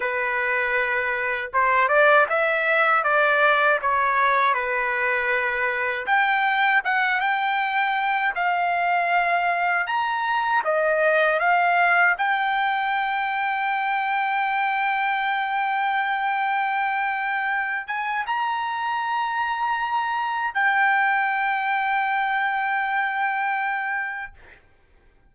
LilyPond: \new Staff \with { instrumentName = "trumpet" } { \time 4/4 \tempo 4 = 79 b'2 c''8 d''8 e''4 | d''4 cis''4 b'2 | g''4 fis''8 g''4. f''4~ | f''4 ais''4 dis''4 f''4 |
g''1~ | g''2.~ g''8 gis''8 | ais''2. g''4~ | g''1 | }